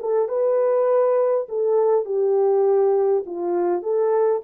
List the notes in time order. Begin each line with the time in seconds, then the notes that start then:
0.00 A4
0.28 B4
1.49 A4
2.05 G4
3.26 F4
3.83 A4